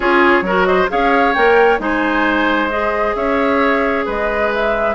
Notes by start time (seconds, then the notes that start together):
0.00 C#4 F4 G#4 C#5
0.41 F#3 F#4 A#4
0.64 C5 D#5
0.88 C#4 G#4 C#5 F5
1.34 A#3 A#4 G5
1.79 G#3 D#4 C5 G#5
2.69 G#4 D#5
3.15 C#4 C#5 E5
4.05 G#3 B4 D#5
4.54 E5